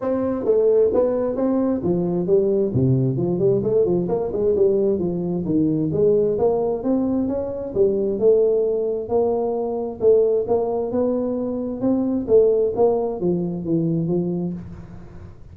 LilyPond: \new Staff \with { instrumentName = "tuba" } { \time 4/4 \tempo 4 = 132 c'4 a4 b4 c'4 | f4 g4 c4 f8 g8 | a8 f8 ais8 gis8 g4 f4 | dis4 gis4 ais4 c'4 |
cis'4 g4 a2 | ais2 a4 ais4 | b2 c'4 a4 | ais4 f4 e4 f4 | }